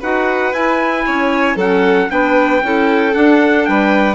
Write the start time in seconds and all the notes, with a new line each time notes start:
0.00 D#4 F#4 B4 F#5
0.52 E4 G#5
1.06 C#4 C#5
1.56 F#3 C#4 A4 F#5
2.09 B3 D4 B4 G5
2.62 C#4 E4 A4
3.11 D4 F#5
3.66 G3 B4 G5